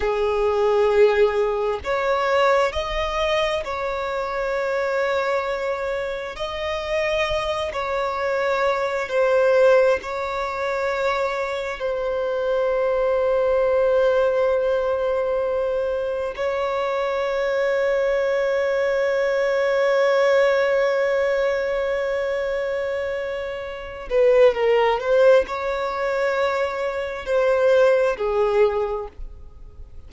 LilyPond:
\new Staff \with { instrumentName = "violin" } { \time 4/4 \tempo 4 = 66 gis'2 cis''4 dis''4 | cis''2. dis''4~ | dis''8 cis''4. c''4 cis''4~ | cis''4 c''2.~ |
c''2 cis''2~ | cis''1~ | cis''2~ cis''8 b'8 ais'8 c''8 | cis''2 c''4 gis'4 | }